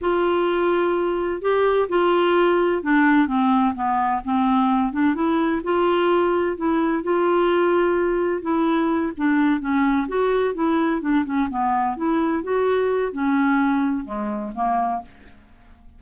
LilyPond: \new Staff \with { instrumentName = "clarinet" } { \time 4/4 \tempo 4 = 128 f'2. g'4 | f'2 d'4 c'4 | b4 c'4. d'8 e'4 | f'2 e'4 f'4~ |
f'2 e'4. d'8~ | d'8 cis'4 fis'4 e'4 d'8 | cis'8 b4 e'4 fis'4. | cis'2 gis4 ais4 | }